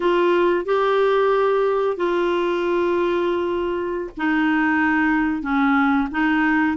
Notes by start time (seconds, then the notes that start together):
0.00 F4
0.65 G4
1.96 F4
4.17 D#4
5.42 C#4
6.11 D#4